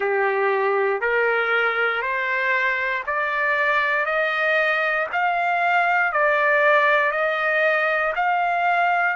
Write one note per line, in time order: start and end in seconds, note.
0.00 1.00 G4
1.00 2.02 A#4
2.02 3.03 C5
3.06 4.05 D5
4.05 5.07 D#5
5.12 6.12 F5
6.12 7.11 D5
7.11 8.13 D#5
8.15 9.16 F5